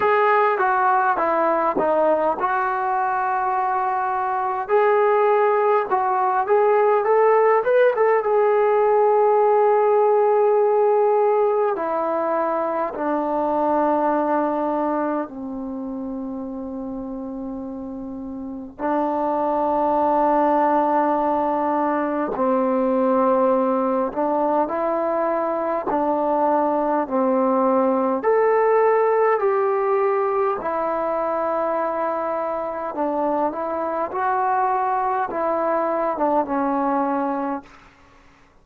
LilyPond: \new Staff \with { instrumentName = "trombone" } { \time 4/4 \tempo 4 = 51 gis'8 fis'8 e'8 dis'8 fis'2 | gis'4 fis'8 gis'8 a'8 b'16 a'16 gis'4~ | gis'2 e'4 d'4~ | d'4 c'2. |
d'2. c'4~ | c'8 d'8 e'4 d'4 c'4 | a'4 g'4 e'2 | d'8 e'8 fis'4 e'8. d'16 cis'4 | }